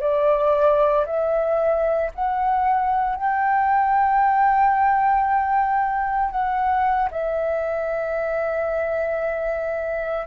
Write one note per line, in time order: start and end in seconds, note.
0.00 1.05 D5
1.06 2.11 E5
2.14 3.16 F#5
3.16 6.30 G5
6.30 7.09 F#5
7.11 10.26 E5